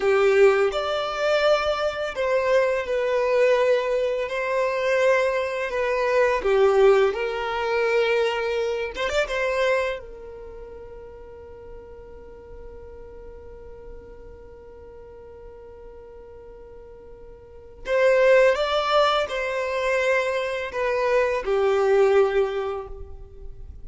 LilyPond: \new Staff \with { instrumentName = "violin" } { \time 4/4 \tempo 4 = 84 g'4 d''2 c''4 | b'2 c''2 | b'4 g'4 ais'2~ | ais'8 c''16 d''16 c''4 ais'2~ |
ais'1~ | ais'1~ | ais'4 c''4 d''4 c''4~ | c''4 b'4 g'2 | }